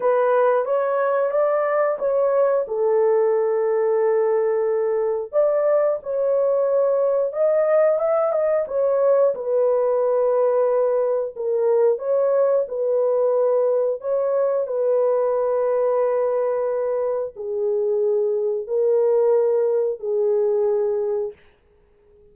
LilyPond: \new Staff \with { instrumentName = "horn" } { \time 4/4 \tempo 4 = 90 b'4 cis''4 d''4 cis''4 | a'1 | d''4 cis''2 dis''4 | e''8 dis''8 cis''4 b'2~ |
b'4 ais'4 cis''4 b'4~ | b'4 cis''4 b'2~ | b'2 gis'2 | ais'2 gis'2 | }